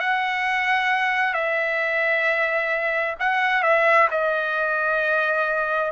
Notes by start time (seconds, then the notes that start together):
0.00 F#5
1.33 E5
3.20 F#5
3.63 E5
4.11 D#5